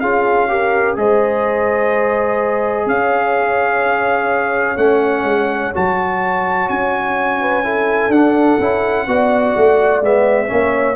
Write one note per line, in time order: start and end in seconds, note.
0.00 0.97 C#4
0.00 0.48 F4
0.00 0.48 G#4
0.00 0.95 F5
0.48 0.96 G4
0.48 0.98 A#4
0.96 2.86 G#3
0.96 4.77 G#4
0.96 2.88 C5
0.96 2.88 D#5
2.86 4.76 C#4
2.86 7.40 C#5
2.86 4.77 F5
4.77 5.23 A3
4.77 5.74 C#4
4.77 5.73 F#5
5.23 5.71 G#3
5.74 6.69 F#3
5.74 7.63 F#4
5.74 6.69 A5
6.69 8.09 C#4
6.69 8.12 G#5
7.41 7.64 B4
7.63 8.11 E4
7.63 9.07 A4
8.09 8.56 D4
8.09 8.59 D4
8.09 10.02 F#5
8.59 9.07 C#4
8.59 9.08 E4
9.07 9.55 B3
9.07 10.03 F#4
9.07 10.50 D5
9.57 10.01 A3
10.01 10.49 G#3
10.01 10.47 B3
10.01 10.96 E5
10.47 10.96 A#3
10.47 10.95 C#4
10.47 10.96 C#5